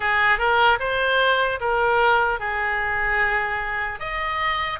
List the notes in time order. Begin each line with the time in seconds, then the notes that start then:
0.00 G#4
0.38 A#4
0.79 C5
1.60 A#4
2.39 G#4
3.99 D#5